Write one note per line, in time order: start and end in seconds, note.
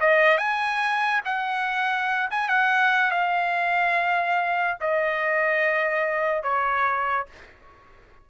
0.00 0.38 D#5
0.38 1.21 G#5
1.25 2.29 F#5
2.31 2.49 G#5
2.49 3.11 F#5
3.11 4.78 F5
4.80 6.43 D#5
6.43 7.26 C#5